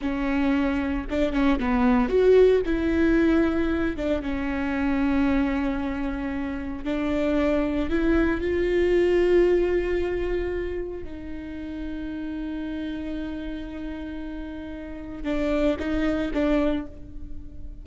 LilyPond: \new Staff \with { instrumentName = "viola" } { \time 4/4 \tempo 4 = 114 cis'2 d'8 cis'8 b4 | fis'4 e'2~ e'8 d'8 | cis'1~ | cis'4 d'2 e'4 |
f'1~ | f'4 dis'2.~ | dis'1~ | dis'4 d'4 dis'4 d'4 | }